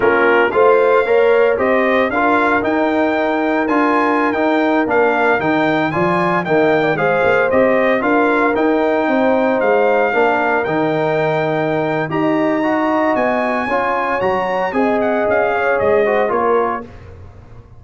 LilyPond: <<
  \new Staff \with { instrumentName = "trumpet" } { \time 4/4 \tempo 4 = 114 ais'4 f''2 dis''4 | f''4 g''2 gis''4~ | gis''16 g''4 f''4 g''4 gis''8.~ | gis''16 g''4 f''4 dis''4 f''8.~ |
f''16 g''2 f''4.~ f''16~ | f''16 g''2~ g''8. ais''4~ | ais''4 gis''2 ais''4 | gis''8 fis''8 f''4 dis''4 cis''4 | }
  \new Staff \with { instrumentName = "horn" } { \time 4/4 f'4 c''4 cis''4 c''4 | ais'1~ | ais'2.~ ais'16 d''8.~ | d''16 dis''8. d''16 c''2 ais'8.~ |
ais'4~ ais'16 c''2 ais'8.~ | ais'2. dis''4~ | dis''2 cis''2 | dis''4. cis''4 c''8 ais'4 | }
  \new Staff \with { instrumentName = "trombone" } { \time 4/4 cis'4 f'4 ais'4 g'4 | f'4 dis'2 f'4~ | f'16 dis'4 d'4 dis'4 f'8.~ | f'16 ais4 gis'4 g'4 f'8.~ |
f'16 dis'2. d'8.~ | d'16 dis'2~ dis'8. g'4 | fis'2 f'4 fis'4 | gis'2~ gis'8 fis'8 f'4 | }
  \new Staff \with { instrumentName = "tuba" } { \time 4/4 ais4 a4 ais4 c'4 | d'4 dis'2 d'4~ | d'16 dis'4 ais4 dis4 f8.~ | f16 dis4 gis8 ais8 c'4 d'8.~ |
d'16 dis'4 c'4 gis4 ais8.~ | ais16 dis2~ dis8. dis'4~ | dis'4 b4 cis'4 fis4 | c'4 cis'4 gis4 ais4 | }
>>